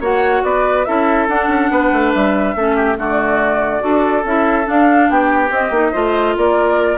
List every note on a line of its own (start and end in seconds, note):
0.00 0.42 A#3
0.00 0.86 F#4
0.00 0.42 C#5
0.00 0.44 F#5
0.43 0.86 B3
0.43 0.87 B4
0.43 0.85 D5
0.85 1.28 C#4
0.85 1.28 E4
0.85 1.71 A4
0.85 1.27 E5
1.28 1.48 D4
1.28 2.57 D4
1.28 2.13 F#5
1.48 1.69 C#4
1.70 1.92 B3
1.70 2.56 B4
1.92 2.13 A3
2.14 2.55 G3
2.14 2.98 E5
2.55 2.97 A3
2.55 2.96 C#4
2.55 2.75 A4
2.75 2.97 G4
2.96 3.82 D3
2.96 3.79 A3
2.96 3.83 F#4
2.96 4.25 D5
3.79 4.24 D4
3.79 4.22 F#4
3.79 5.09 A4
4.24 4.66 C#4
4.24 4.64 E4
4.24 4.68 E5
4.64 5.49 D4
4.64 5.10 D4
4.64 5.10 F5
5.09 5.50 B3
5.09 5.92 G4
5.09 5.52 G5
5.50 5.70 C4
5.50 5.71 C4
5.50 6.37 D#5
5.70 5.91 A#3
5.70 5.93 D#4
5.92 6.37 A3
5.92 6.98 F4
5.92 6.34 C5
6.37 6.98 A#3
6.37 6.98 A#4
6.37 6.98 D5